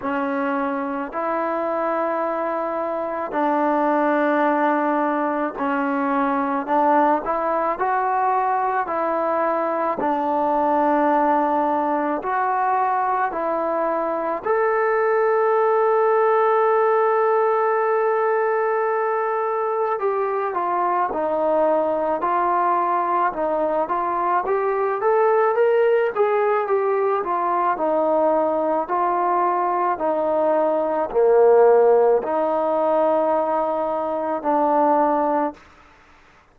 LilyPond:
\new Staff \with { instrumentName = "trombone" } { \time 4/4 \tempo 4 = 54 cis'4 e'2 d'4~ | d'4 cis'4 d'8 e'8 fis'4 | e'4 d'2 fis'4 | e'4 a'2.~ |
a'2 g'8 f'8 dis'4 | f'4 dis'8 f'8 g'8 a'8 ais'8 gis'8 | g'8 f'8 dis'4 f'4 dis'4 | ais4 dis'2 d'4 | }